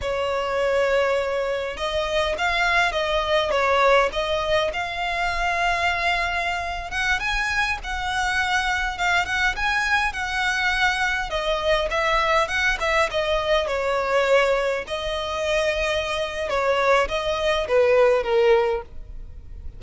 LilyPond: \new Staff \with { instrumentName = "violin" } { \time 4/4 \tempo 4 = 102 cis''2. dis''4 | f''4 dis''4 cis''4 dis''4 | f''2.~ f''8. fis''16~ | fis''16 gis''4 fis''2 f''8 fis''16~ |
fis''16 gis''4 fis''2 dis''8.~ | dis''16 e''4 fis''8 e''8 dis''4 cis''8.~ | cis''4~ cis''16 dis''2~ dis''8. | cis''4 dis''4 b'4 ais'4 | }